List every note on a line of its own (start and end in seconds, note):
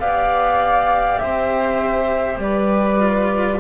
0.00 1.20 B3
0.00 3.00 G4
0.00 1.21 D5
0.00 1.19 F5
1.19 2.37 C4
1.19 2.43 C5
1.19 2.39 E5
2.37 3.57 G3
2.37 3.60 B4
2.37 3.60 D5
3.00 3.60 F4